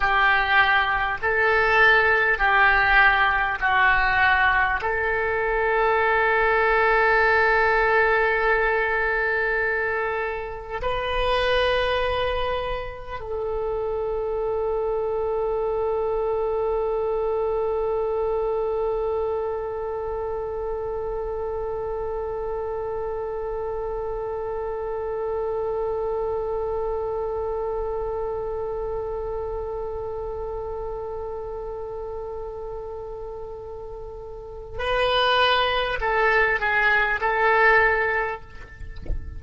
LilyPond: \new Staff \with { instrumentName = "oboe" } { \time 4/4 \tempo 4 = 50 g'4 a'4 g'4 fis'4 | a'1~ | a'4 b'2 a'4~ | a'1~ |
a'1~ | a'1~ | a'1~ | a'4 b'4 a'8 gis'8 a'4 | }